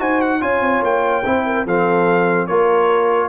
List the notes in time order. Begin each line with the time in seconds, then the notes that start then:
0.00 D#4 F#4 C5 G#5
0.22 F#5
0.41 C#4 F4 C#5 G#5
0.61 C4
0.83 A#3 G5
1.25 C4 E4 C5
1.46 A#4
1.66 F3 C4 A4 F5
2.47 A#3 F4 A#4 C#5